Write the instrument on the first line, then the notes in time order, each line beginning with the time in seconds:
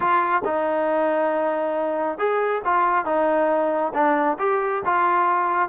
trombone
0.00 F4
0.44 D#4
2.18 G#4
2.64 F4
3.05 D#4
3.94 D4
4.39 G4
4.85 F4